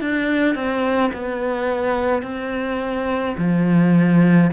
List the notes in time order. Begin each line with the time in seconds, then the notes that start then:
0.00 D4
0.55 C4
1.13 B3
2.22 C4
3.37 F3